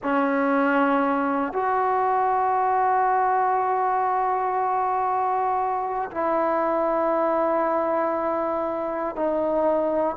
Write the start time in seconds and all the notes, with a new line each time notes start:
0.02 C#4
1.53 F#4
6.11 E4
9.15 D#4